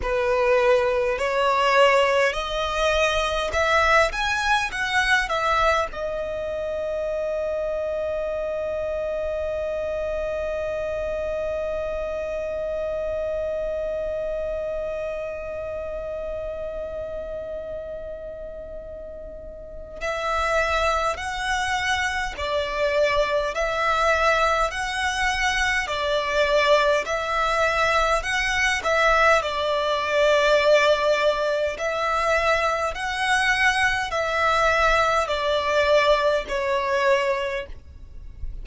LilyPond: \new Staff \with { instrumentName = "violin" } { \time 4/4 \tempo 4 = 51 b'4 cis''4 dis''4 e''8 gis''8 | fis''8 e''8 dis''2.~ | dis''1~ | dis''1~ |
dis''4 e''4 fis''4 d''4 | e''4 fis''4 d''4 e''4 | fis''8 e''8 d''2 e''4 | fis''4 e''4 d''4 cis''4 | }